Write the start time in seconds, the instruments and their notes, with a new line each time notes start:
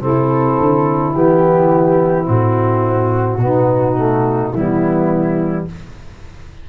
0.00 tuba C3, trombone C4, saxophone E4, flute A4
0.60 tuba D3
1.14 tuba E3, trombone B3, flute G4
2.25 tuba A2, trombone C4, flute F#4
3.37 tuba B2, trombone B3, saxophone D#4
3.96 trombone A3
4.52 tuba E3, trombone G3, saxophone B3, flute E4